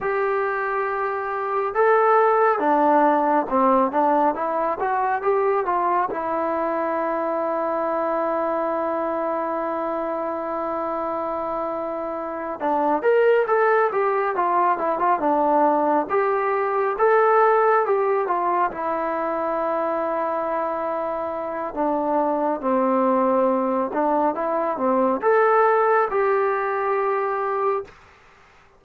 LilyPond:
\new Staff \with { instrumentName = "trombone" } { \time 4/4 \tempo 4 = 69 g'2 a'4 d'4 | c'8 d'8 e'8 fis'8 g'8 f'8 e'4~ | e'1~ | e'2~ e'8 d'8 ais'8 a'8 |
g'8 f'8 e'16 f'16 d'4 g'4 a'8~ | a'8 g'8 f'8 e'2~ e'8~ | e'4 d'4 c'4. d'8 | e'8 c'8 a'4 g'2 | }